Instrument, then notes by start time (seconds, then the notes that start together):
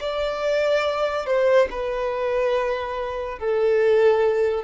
violin
0.00 D5
1.26 C5
1.70 B4
3.38 A4